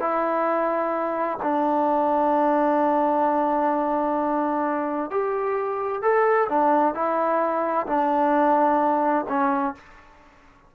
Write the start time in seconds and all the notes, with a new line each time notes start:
0.00 E4
1.43 D4
5.11 G4
6.02 A4
6.49 D4
6.94 E4
7.87 D4
9.29 C#4